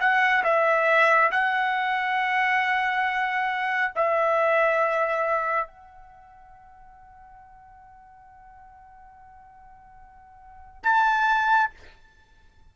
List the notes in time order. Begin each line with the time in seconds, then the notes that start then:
0.00 F#5
0.43 E5
1.31 F#5
3.95 E5
5.68 F#5
10.83 A5